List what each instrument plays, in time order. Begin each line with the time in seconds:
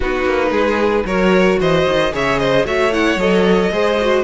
0.00 cello B3, viola D#4, violin F#4 B4
0.24 cello A#3
0.51 cello G#3, violin G#4
1.04 cello F#3, viola F#4, violin A#4 C#5
1.59 cello E3, violin C5 D#5
1.87 cello D#3
2.11 cello C#3, viola G#4, violin C#5 E5
2.38 violin C5 D#5
2.65 cello A3, viola F#4, violin C#5 E5
2.92 viola E4, violin F#5
3.16 cello F#3, viola A4, violin D#5
3.71 cello G#3, viola G#4, violin C5
4.01 viola F#4